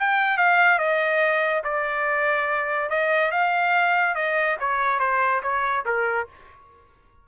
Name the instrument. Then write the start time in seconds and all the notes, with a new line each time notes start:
trumpet
0.00 G5
0.38 F5
0.79 D#5
1.64 D5
2.90 D#5
3.32 F5
4.16 D#5
4.60 C#5
5.00 C5
5.43 C#5
5.86 A#4